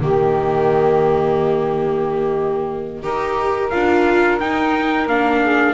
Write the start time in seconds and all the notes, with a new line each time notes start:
0.00 D#3 A#3 G4 D#5
3.02 D#4 G4 A#4
3.70 D4 F4 F5
4.40 D#4 G5
5.06 A#3 D4 F5
5.43 G#4